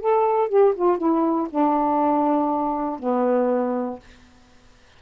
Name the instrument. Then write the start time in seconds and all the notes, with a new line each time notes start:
saxophone
0.00 A4
0.49 G4
0.75 F4
0.98 E4
1.50 D4
2.99 B3